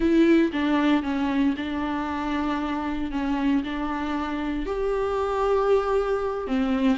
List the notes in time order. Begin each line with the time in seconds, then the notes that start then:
0.00 E4
0.52 D4
1.03 C#4
1.57 D4
3.11 C#4
3.63 D4
4.66 G4
6.47 C4